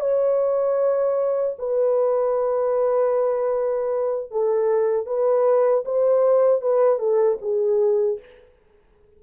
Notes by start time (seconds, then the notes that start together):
0.00 C#5
1.58 B4
4.31 A4
5.06 B4
5.85 C5
6.61 B4
6.99 A4
7.41 G#4